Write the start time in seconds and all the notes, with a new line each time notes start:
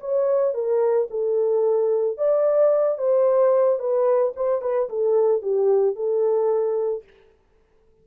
0.00 C#5
0.54 A#4
1.10 A4
2.17 D5
2.98 C5
3.79 B4
4.36 C5
4.61 B4
4.89 A4
5.42 G4
5.96 A4